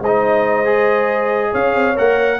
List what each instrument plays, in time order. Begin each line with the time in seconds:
0.00 tuba G#3, horn C5, trumpet D#5
0.07 trombone D#4
0.65 trombone G#4
1.51 tuba C#4, horn C#5, trumpet F5
1.75 tuba C4
1.96 tuba A#3, trombone A#4, trumpet F#5